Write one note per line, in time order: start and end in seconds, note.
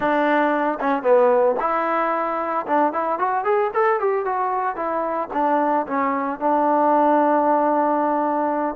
0.00 0.78 D4
0.79 1.02 C#4
1.02 1.55 B3
1.60 2.66 E4
2.66 2.93 D4
2.93 3.19 E4
3.19 3.44 F#4
3.44 3.70 G#4
3.73 4.00 A4
4.00 4.25 G4
4.25 4.75 F#4
4.75 5.29 E4
5.33 5.86 D4
5.86 6.39 C#4
6.39 8.75 D4